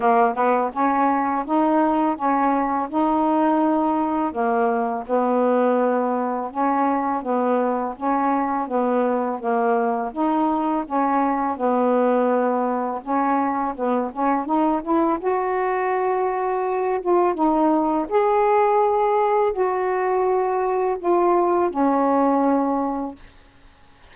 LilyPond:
\new Staff \with { instrumentName = "saxophone" } { \time 4/4 \tempo 4 = 83 ais8 b8 cis'4 dis'4 cis'4 | dis'2 ais4 b4~ | b4 cis'4 b4 cis'4 | b4 ais4 dis'4 cis'4 |
b2 cis'4 b8 cis'8 | dis'8 e'8 fis'2~ fis'8 f'8 | dis'4 gis'2 fis'4~ | fis'4 f'4 cis'2 | }